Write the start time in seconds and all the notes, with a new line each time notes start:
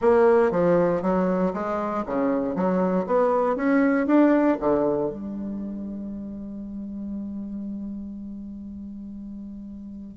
0.01 A#3
0.51 F3
1.02 F#3
1.53 G#3
2.05 C#3
2.55 F#3
3.06 B3
3.55 C#4
4.06 D4
4.60 D3
5.10 G3